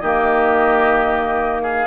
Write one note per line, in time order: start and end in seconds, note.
0.00 1.87 D#3
0.00 1.87 A#3
0.00 1.62 G4
0.00 1.61 D#5
1.62 1.87 G#4
1.62 1.87 F5